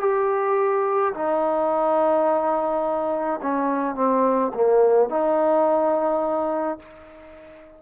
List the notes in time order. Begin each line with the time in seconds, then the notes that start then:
0.00 G4
1.14 D#4
3.42 C#4
3.95 C4
4.54 A#3
5.09 D#4